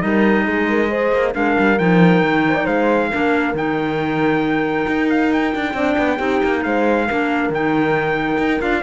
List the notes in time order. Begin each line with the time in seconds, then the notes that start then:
0.00 G3 D#4 A#4 D#5
0.45 G#3 G#4
0.69 A#4
0.90 G#4 C5
1.12 A#3
1.33 G#3 D4 A#4 F5
1.59 G3
1.79 F3 D#4 G5
2.22 D#3
2.48 C5
2.55 D5
2.65 G#3 C5 F5
3.10 A#3 D4 A#4
3.54 D#3 D#4 G5
4.88 D#4
5.10 F5
5.33 G5
5.55 D4
5.73 C4 D4 D5
5.98 B3
6.17 C4 D#4 G4
6.43 A#3
6.63 G#3 C5 F5
7.07 A#3 D4 A#4
7.49 D#3 D#4 G5
8.38 D#4
8.59 D4 F4 F5